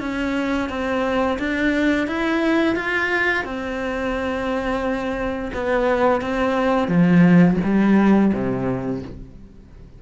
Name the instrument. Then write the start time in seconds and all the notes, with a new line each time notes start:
cello
0.00 C#4
0.69 C4
1.39 D4
2.07 E4
2.76 F4
3.44 C4
5.54 B3
6.21 C4
6.88 F3
7.63 G3
8.33 C3